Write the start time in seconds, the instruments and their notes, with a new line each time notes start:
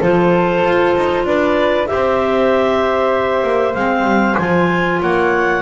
0.00 double bass F3, clarinet F4 C5, flute A4
0.64 double bass F4
0.96 double bass D#4
1.25 double bass D4, flute B4, clarinet D5
1.87 double bass C4, clarinet G4 E5, flute C5
3.43 double bass A#3
3.74 double bass G#3, clarinet C4 F5
4.04 double bass G3
4.38 double bass F3, clarinet F4 G#5
5.01 double bass A#3, flute C#5, clarinet F#5